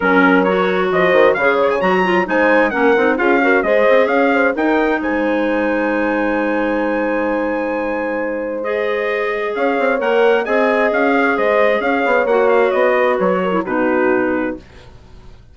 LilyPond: <<
  \new Staff \with { instrumentName = "trumpet" } { \time 4/4 \tempo 4 = 132 ais'4 cis''4 dis''4 f''8 cis''16 gis''16 | ais''4 gis''4 fis''4 f''4 | dis''4 f''4 g''4 gis''4~ | gis''1~ |
gis''2. dis''4~ | dis''4 f''4 fis''4 gis''4 | f''4 dis''4 f''4 fis''8 f''8 | dis''4 cis''4 b'2 | }
  \new Staff \with { instrumentName = "horn" } { \time 4/4 ais'2 c''4 cis''4~ | cis''4 c''4 ais'4 gis'8 ais'8 | c''4 cis''8 c''8 ais'4 c''4~ | c''1~ |
c''1~ | c''4 cis''2 dis''4~ | dis''8 cis''8 c''4 cis''2~ | cis''8 b'4 ais'8 fis'2 | }
  \new Staff \with { instrumentName = "clarinet" } { \time 4/4 cis'4 fis'2 gis'4 | fis'8 f'8 dis'4 cis'8 dis'8 f'8 fis'8 | gis'2 dis'2~ | dis'1~ |
dis'2. gis'4~ | gis'2 ais'4 gis'4~ | gis'2. fis'4~ | fis'4.~ fis'16 e'16 dis'2 | }
  \new Staff \with { instrumentName = "bassoon" } { \time 4/4 fis2 f8 dis8 cis4 | fis4 gis4 ais8 c'8 cis'4 | gis8 c'8 cis'4 dis'4 gis4~ | gis1~ |
gis1~ | gis4 cis'8 c'8 ais4 c'4 | cis'4 gis4 cis'8 b8 ais4 | b4 fis4 b,2 | }
>>